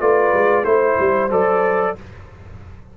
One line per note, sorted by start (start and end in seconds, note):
0.00 0.33 A3
0.00 0.65 F4
0.00 0.66 B4
0.00 0.64 D5
0.34 0.64 G#3
0.64 0.97 A3
0.64 1.30 E4
0.64 1.30 C5
0.64 1.96 C5
0.99 1.31 G3
1.31 1.96 F#3
1.31 1.96 A4
1.31 1.97 D5